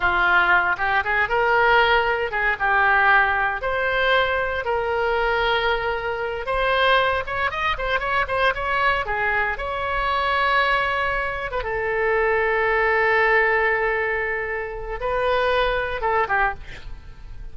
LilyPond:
\new Staff \with { instrumentName = "oboe" } { \time 4/4 \tempo 4 = 116 f'4. g'8 gis'8 ais'4.~ | ais'8 gis'8 g'2 c''4~ | c''4 ais'2.~ | ais'8 c''4. cis''8 dis''8 c''8 cis''8 |
c''8 cis''4 gis'4 cis''4.~ | cis''2~ cis''16 b'16 a'4.~ | a'1~ | a'4 b'2 a'8 g'8 | }